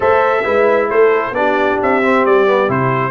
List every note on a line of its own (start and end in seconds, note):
0.00 0.44 A3
0.00 0.43 A4
0.00 0.43 C5
0.00 0.90 E5
0.44 0.89 G#3
0.44 1.34 E4
0.44 0.89 B4
0.90 1.31 A3
0.90 1.36 A4
0.90 1.34 C5
1.31 1.75 B3
1.31 2.02 D4
1.31 1.79 D5
1.37 3.10 G4
1.82 2.25 C4
1.82 2.25 E5
2.02 2.46 C4
2.25 2.68 G3
2.25 2.70 D5
2.46 2.67 B3
2.67 3.10 C3
2.67 3.10 E4
2.67 3.10 C5